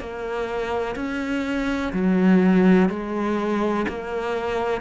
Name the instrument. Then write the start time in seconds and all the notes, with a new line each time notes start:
cello
0.00 A#3
0.96 C#4
1.94 F#3
2.89 G#3
3.89 A#3